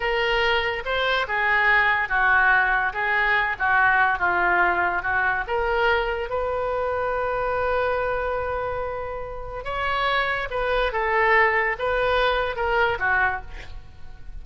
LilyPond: \new Staff \with { instrumentName = "oboe" } { \time 4/4 \tempo 4 = 143 ais'2 c''4 gis'4~ | gis'4 fis'2 gis'4~ | gis'8 fis'4. f'2 | fis'4 ais'2 b'4~ |
b'1~ | b'2. cis''4~ | cis''4 b'4 a'2 | b'2 ais'4 fis'4 | }